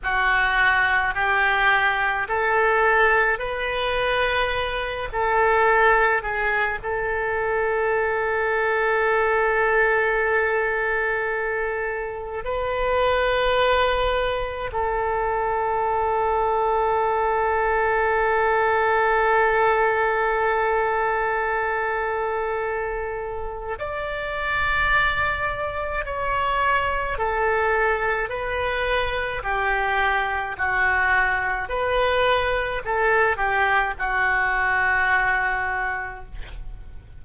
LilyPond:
\new Staff \with { instrumentName = "oboe" } { \time 4/4 \tempo 4 = 53 fis'4 g'4 a'4 b'4~ | b'8 a'4 gis'8 a'2~ | a'2. b'4~ | b'4 a'2.~ |
a'1~ | a'4 d''2 cis''4 | a'4 b'4 g'4 fis'4 | b'4 a'8 g'8 fis'2 | }